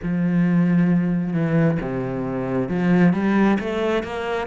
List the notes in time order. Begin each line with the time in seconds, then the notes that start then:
0.02 F3
1.33 E3
1.81 C3
2.68 F3
3.13 G3
3.59 A3
4.03 A#3